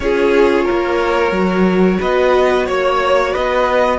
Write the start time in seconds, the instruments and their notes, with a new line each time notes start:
0.00 cello C#4, viola F4, violin G#4 C#5
0.64 cello A#3, violin A#4
1.31 cello F#3, viola F#4
1.99 cello B3, violin B4 D#5
2.65 cello A#3, violin C#5
3.32 cello B3, violin B4 D#5